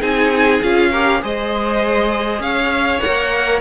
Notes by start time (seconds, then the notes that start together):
0.00 C4 D#4 G#4 G#5
0.62 C#4 F4 F5
0.91 G4 A#4
1.21 G#3 G#4 C5 D#5
2.40 C#4 C#5 F5
3.00 A#4 F#5
3.06 A#3